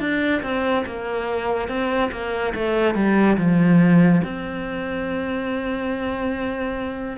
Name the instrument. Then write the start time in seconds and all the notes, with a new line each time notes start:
cello
0.00 D4
0.43 C4
0.86 A#3
1.69 C4
2.12 A#3
2.55 A3
2.95 G3
3.37 F3
4.24 C4